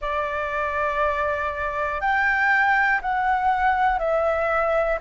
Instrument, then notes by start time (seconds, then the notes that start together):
flute
0.01 D5
2.00 G5
3.01 F#5
3.99 E5